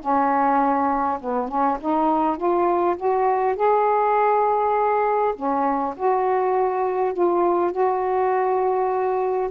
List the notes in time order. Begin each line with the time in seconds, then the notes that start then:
0.00 C#4
1.20 B3
1.48 C#4
1.80 D#4
2.37 F4
2.96 F#4
3.56 G#4
5.35 C#4
5.96 F#4
7.13 F4
7.71 F#4